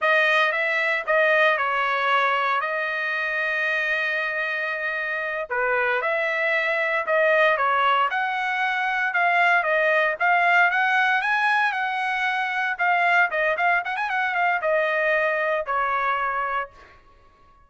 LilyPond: \new Staff \with { instrumentName = "trumpet" } { \time 4/4 \tempo 4 = 115 dis''4 e''4 dis''4 cis''4~ | cis''4 dis''2.~ | dis''2~ dis''8 b'4 e''8~ | e''4. dis''4 cis''4 fis''8~ |
fis''4. f''4 dis''4 f''8~ | f''8 fis''4 gis''4 fis''4.~ | fis''8 f''4 dis''8 f''8 fis''16 gis''16 fis''8 f''8 | dis''2 cis''2 | }